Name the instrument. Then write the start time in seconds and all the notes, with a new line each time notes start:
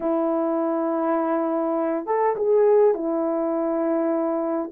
horn
0.00 E4
2.06 A4
2.36 G#4
2.94 E4